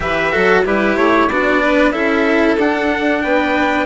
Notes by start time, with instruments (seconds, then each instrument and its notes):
0.00 bassoon E3, cello G4, violin B4, trumpet E5
0.32 bassoon F#3, cello F#4, violin A4
0.64 bassoon G3, cello E4, violin G4, trumpet B4
0.96 bassoon A3, trumpet C#5
1.28 bassoon B3, cello D4, violin F#4, trumpet D5
1.62 violin B4
1.92 bassoon C#4, cello E4, violin A4, trumpet E5
2.57 bassoon D4, cello D4, trumpet F#5
3.22 bassoon B3, violin B4, trumpet G5